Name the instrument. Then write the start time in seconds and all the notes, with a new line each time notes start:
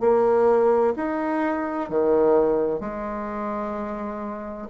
bassoon
0.00 A#3
0.96 D#4
1.89 D#3
2.80 G#3